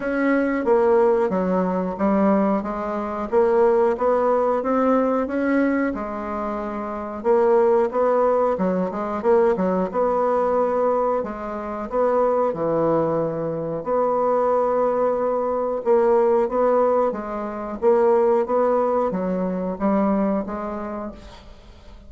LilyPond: \new Staff \with { instrumentName = "bassoon" } { \time 4/4 \tempo 4 = 91 cis'4 ais4 fis4 g4 | gis4 ais4 b4 c'4 | cis'4 gis2 ais4 | b4 fis8 gis8 ais8 fis8 b4~ |
b4 gis4 b4 e4~ | e4 b2. | ais4 b4 gis4 ais4 | b4 fis4 g4 gis4 | }